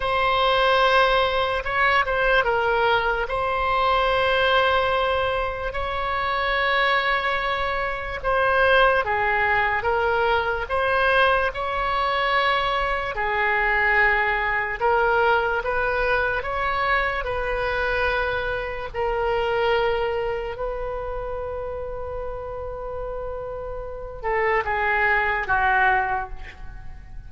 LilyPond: \new Staff \with { instrumentName = "oboe" } { \time 4/4 \tempo 4 = 73 c''2 cis''8 c''8 ais'4 | c''2. cis''4~ | cis''2 c''4 gis'4 | ais'4 c''4 cis''2 |
gis'2 ais'4 b'4 | cis''4 b'2 ais'4~ | ais'4 b'2.~ | b'4. a'8 gis'4 fis'4 | }